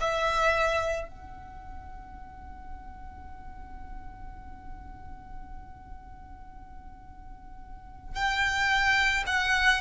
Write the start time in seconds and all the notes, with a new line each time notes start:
0.00 E5
1.08 F#5
8.15 G5
9.26 F#5